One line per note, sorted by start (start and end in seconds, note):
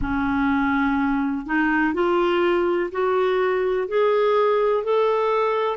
0.01 1.46 C#4
1.46 1.93 D#4
1.93 2.90 F4
2.91 3.88 F#4
3.88 4.84 G#4
4.84 5.77 A4